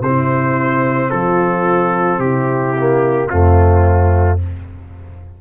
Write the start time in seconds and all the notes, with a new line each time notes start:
0.00 C3 C4 E4 C5
1.10 F3 F4 A4
2.18 C3 E4 G4
2.78 A#3
3.27 F2 A3 C4 F4